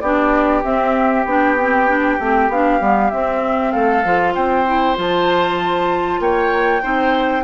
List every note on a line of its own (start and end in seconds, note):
0.00 0.63 B3
0.00 0.63 D4
0.00 3.71 G4
0.00 0.62 D5
0.63 1.25 C4
0.63 1.25 E5
1.25 2.17 B3
1.25 1.58 D4
1.25 2.51 G5
1.59 1.88 C4
1.88 2.19 D4
2.19 2.49 A3
2.19 2.51 C4
2.49 2.80 B3
2.49 2.80 D4
2.49 3.10 F5
2.80 3.11 G3
2.80 3.11 B3
3.10 4.04 C4
3.10 3.74 C4
3.10 3.71 E5
3.71 4.05 A3
3.71 4.33 A4
3.71 4.33 F5
4.04 4.35 F3
4.04 4.66 F4
4.35 4.97 C4
4.35 6.20 C5
4.35 4.96 G5
4.66 4.95 E4
4.95 6.19 F3
4.95 6.81 F4
5.01 6.21 A5
6.19 6.81 A#3
6.19 6.82 C#5
6.19 7.44 G5
6.81 7.44 C4
6.81 7.43 D#4
6.81 7.44 C5